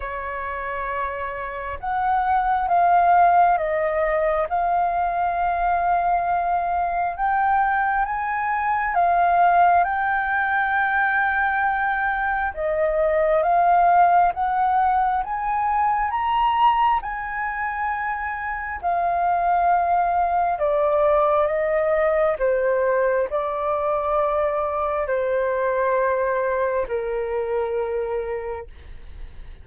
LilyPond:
\new Staff \with { instrumentName = "flute" } { \time 4/4 \tempo 4 = 67 cis''2 fis''4 f''4 | dis''4 f''2. | g''4 gis''4 f''4 g''4~ | g''2 dis''4 f''4 |
fis''4 gis''4 ais''4 gis''4~ | gis''4 f''2 d''4 | dis''4 c''4 d''2 | c''2 ais'2 | }